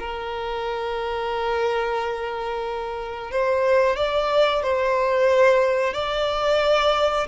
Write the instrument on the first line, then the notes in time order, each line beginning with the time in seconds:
violin
0.00 A#4
3.32 C5
3.97 D5
4.63 C5
5.94 D5